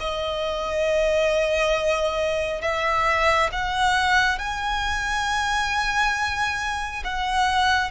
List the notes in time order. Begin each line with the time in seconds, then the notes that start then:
0.00 D#5
2.62 E5
3.53 F#5
4.39 G#5
7.05 F#5